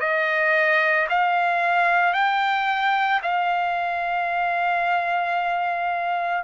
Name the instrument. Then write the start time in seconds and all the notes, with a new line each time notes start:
trumpet
0.00 D#5
1.09 F5
2.13 G5
3.22 F5